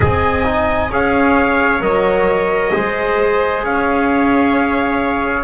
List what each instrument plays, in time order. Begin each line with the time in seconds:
0.00 double bass C4, trombone G#4, viola D#5, trumpet G#5
0.44 trombone D#4
0.90 double bass C#4, trombone G#4, viola C#5, trumpet F5
1.80 double bass F#3, trombone A#4, trumpet D#5
2.71 double bass G#3, trombone G#4, viola C5
3.63 double bass C#4, viola C#5, trumpet F5